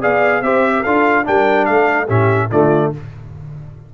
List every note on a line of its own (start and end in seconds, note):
0.00 0.42 B3
0.00 0.43 G#4
0.00 0.41 D5
0.00 0.42 F5
0.42 0.83 C4
0.42 0.85 G4
0.42 0.73 C5
0.42 0.83 E5
0.78 1.24 A4
0.78 0.83 A#4
0.78 1.25 F5
0.86 1.27 D4
0.86 1.24 F4
1.24 1.69 G3
1.24 2.07 D4
1.24 1.68 A#4
1.24 1.65 G5
1.65 2.09 A3
1.65 2.06 A4
1.65 2.06 F5
2.06 2.50 A2
2.06 2.49 C#4
2.06 2.47 G4
2.06 2.51 E5
2.50 2.92 D3
2.50 2.94 A3
2.50 2.92 F4
2.50 2.92 D5